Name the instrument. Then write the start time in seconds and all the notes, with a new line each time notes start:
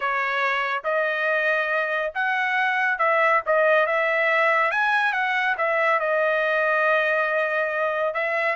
trumpet
0.00 C#5
0.84 D#5
2.14 F#5
2.98 E5
3.46 D#5
3.86 E5
4.71 G#5
5.13 F#5
5.57 E5
5.99 D#5
8.14 E5